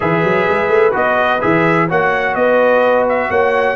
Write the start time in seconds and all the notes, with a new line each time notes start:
0.00 E3 G#4 B4 E5
0.23 F#3
0.49 G#3
0.68 A3
0.91 B3 F#4 D#5
1.40 E3 G#4 E5
1.87 A#3 F#4 C#5 F#5
2.34 B3 B4 D#5
3.08 E5
3.29 A#3 C#5 F#5